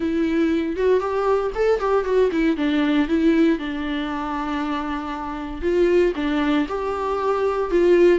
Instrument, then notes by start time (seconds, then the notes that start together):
viola
0.00 E4
0.76 F#4
1.00 G4
1.54 A4
1.79 G4
2.04 F#4
2.31 E4
2.56 D4
3.08 E4
3.58 D4
5.61 F4
6.15 D4
6.68 G4
7.70 F4